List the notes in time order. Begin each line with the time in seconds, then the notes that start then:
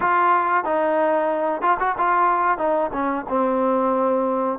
0.00 F4
0.64 D#4
1.61 F4
1.79 F#4
1.98 F4
2.58 D#4
2.93 C#4
3.28 C4